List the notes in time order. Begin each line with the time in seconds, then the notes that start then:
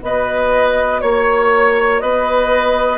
0.00 B3 F#4 B4 D#5
1.01 A#3 C#5
2.00 B3 B4 D#5